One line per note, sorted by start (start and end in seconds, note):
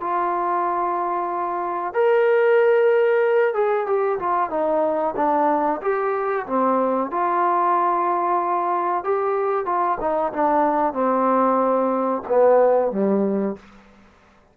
0.00 1.93 F4
1.93 3.54 A#4
3.54 3.86 G#4
3.86 4.18 G4
4.19 4.50 F4
4.50 5.14 D#4
5.16 5.80 D4
5.81 6.46 G4
6.46 7.10 C4
7.10 9.04 F4
9.04 9.65 G4
9.65 9.98 F4
10.00 10.32 D#4
10.32 10.93 D4
10.93 12.22 C4
12.28 12.91 B3
12.91 13.56 G3